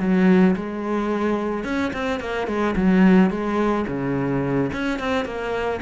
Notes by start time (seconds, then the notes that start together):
0.00 F#3
0.56 G#3
1.64 C#4
1.93 C4
2.20 A#3
2.47 G#3
2.77 F#3
3.31 G#3
3.88 C#3
4.73 C#4
5.00 C4
5.25 A#3